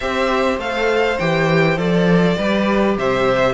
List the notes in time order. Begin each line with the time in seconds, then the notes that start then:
0.00 C4 G4 C5 E5
0.57 A3 A4 F5
1.19 E3 G4 G5
1.77 F3 A4 D5
2.37 G3 G4 B4
2.97 C3 C5 E5